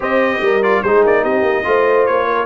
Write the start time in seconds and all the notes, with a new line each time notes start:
0.00 C4 G4 C5 D#5
0.40 G3 A#4
0.62 F4 D5
0.82 G#3 D#4 G#4 C5
1.05 A#3 D5
1.22 C4 G4 D#5
1.42 A#3
1.64 A3 F4 C5
2.06 A#3 C#5
2.27 A#4